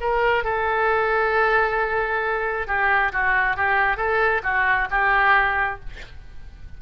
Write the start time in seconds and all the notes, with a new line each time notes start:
0.00 A#4
0.44 A4
2.67 G4
3.12 F#4
3.57 G4
3.96 A4
4.43 F#4
4.91 G4